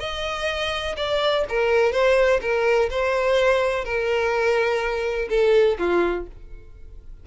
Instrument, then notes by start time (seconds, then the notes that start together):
violin
0.00 D#5
0.97 D5
1.49 A#4
1.93 C5
2.42 A#4
2.91 C5
3.85 A#4
5.30 A4
5.79 F4